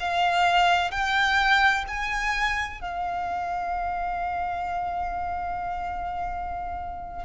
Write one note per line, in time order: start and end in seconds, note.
0.00 0.91 F5
0.91 1.85 G5
1.88 2.81 G#5
2.81 7.25 F5